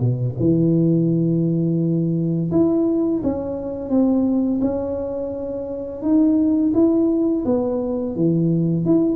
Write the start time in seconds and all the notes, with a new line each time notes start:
0.00 B2
0.39 E3
2.51 E4
3.23 C#4
3.90 C4
4.61 C#4
6.02 D#4
6.74 E4
7.45 B3
8.16 E3
8.85 E4